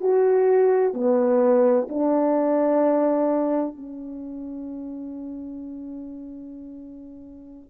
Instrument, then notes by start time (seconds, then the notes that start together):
horn
0.00 F#4
0.93 B3
1.89 D4
3.75 C#4